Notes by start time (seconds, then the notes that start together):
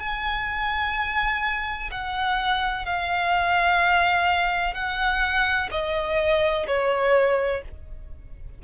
0.00 G#5
1.91 F#5
2.86 F5
4.74 F#5
5.72 D#5
6.67 C#5